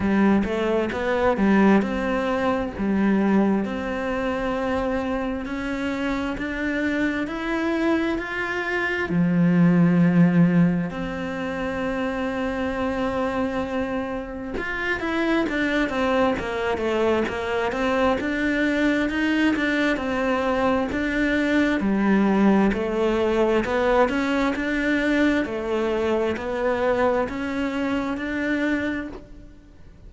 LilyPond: \new Staff \with { instrumentName = "cello" } { \time 4/4 \tempo 4 = 66 g8 a8 b8 g8 c'4 g4 | c'2 cis'4 d'4 | e'4 f'4 f2 | c'1 |
f'8 e'8 d'8 c'8 ais8 a8 ais8 c'8 | d'4 dis'8 d'8 c'4 d'4 | g4 a4 b8 cis'8 d'4 | a4 b4 cis'4 d'4 | }